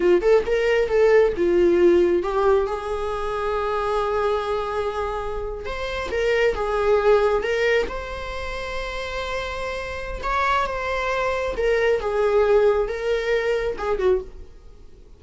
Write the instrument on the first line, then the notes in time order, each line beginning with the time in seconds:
viola
0.00 F4
0.21 A4
0.45 A#4
0.88 A4
1.36 F4
2.23 G4
2.66 G#4
5.65 C5
6.11 A#4
6.54 G#4
7.42 A#4
7.88 C5
10.22 C#5
10.66 C5
11.56 A#4
12.00 G#4
12.88 A#4
13.77 G#4
13.98 F#4